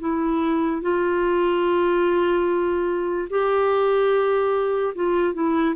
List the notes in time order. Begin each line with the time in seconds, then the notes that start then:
0.00 E4
0.82 F4
3.30 G4
4.95 F4
5.34 E4